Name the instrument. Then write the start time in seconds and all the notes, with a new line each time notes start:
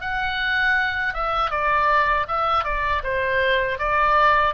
oboe
0.00 F#5
1.14 E5
1.51 D5
2.28 E5
2.64 D5
3.03 C5
3.78 D5